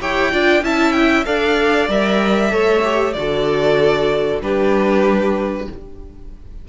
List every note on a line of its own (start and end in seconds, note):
0.00 0.33 E4
0.00 0.32 G4
0.00 0.31 C#5
0.00 0.64 G5
0.31 0.62 D4
0.31 0.63 F4
0.31 0.63 D5
0.62 1.25 C#4
0.62 1.25 E4
0.62 1.26 E5
0.62 0.92 A5
0.92 1.24 G5
1.25 1.88 D4
1.25 1.89 A4
1.25 2.52 D5
1.25 1.89 F5
1.88 2.51 G3
1.88 2.50 A#4
1.88 3.13 E5
2.50 3.15 A3
2.50 2.82 A4
2.50 3.15 C#5
2.84 3.15 G4
3.13 4.41 D3
3.13 4.42 F#4
3.13 4.42 A4
3.13 4.39 D5
4.41 5.67 G3
4.41 5.68 D4
4.41 5.68 G4
4.41 5.69 B4